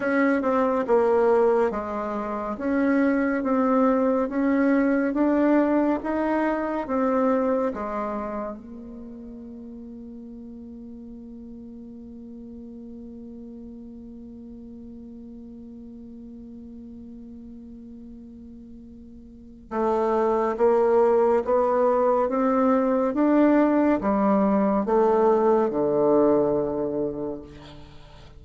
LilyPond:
\new Staff \with { instrumentName = "bassoon" } { \time 4/4 \tempo 4 = 70 cis'8 c'8 ais4 gis4 cis'4 | c'4 cis'4 d'4 dis'4 | c'4 gis4 ais2~ | ais1~ |
ais1~ | ais2. a4 | ais4 b4 c'4 d'4 | g4 a4 d2 | }